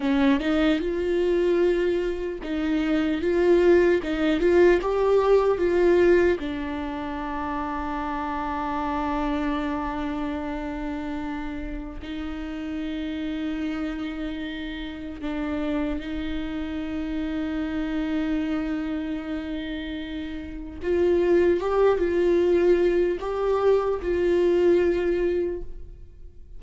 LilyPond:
\new Staff \with { instrumentName = "viola" } { \time 4/4 \tempo 4 = 75 cis'8 dis'8 f'2 dis'4 | f'4 dis'8 f'8 g'4 f'4 | d'1~ | d'2. dis'4~ |
dis'2. d'4 | dis'1~ | dis'2 f'4 g'8 f'8~ | f'4 g'4 f'2 | }